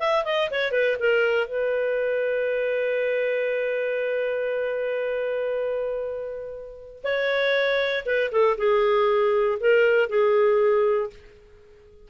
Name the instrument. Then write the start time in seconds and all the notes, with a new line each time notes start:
clarinet
0.00 E5
0.25 D#5
0.51 C#5
0.72 B4
1.00 A#4
1.48 B4
7.04 C#5
8.06 B4
8.32 A4
8.58 G#4
9.61 A#4
10.10 G#4